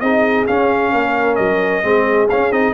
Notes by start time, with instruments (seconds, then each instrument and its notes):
0.00 tuba C4, trombone D#4, horn G#4, trumpet D#5
0.47 trombone C#4, tuba C#4, trumpet F5
0.93 tuba A#3, horn A#4
1.36 tuba F#3, trumpet D#5
1.83 tuba G#3, trombone C4, horn G#4
2.30 trombone C#4, tuba C#4, trumpet F5
2.52 tuba C4, trombone D#4, trumpet D#5